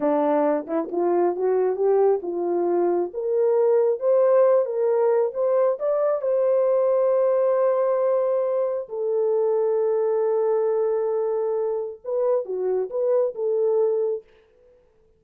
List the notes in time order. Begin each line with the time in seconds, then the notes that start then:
0.00 D4
0.66 E4
0.91 F4
1.36 F#4
1.76 G4
2.22 F4
3.13 A#4
3.99 C5
4.65 A#4
5.34 C5
5.79 D5
6.21 C5
8.88 A4
12.04 B4
12.45 F#4
12.90 B4
13.34 A4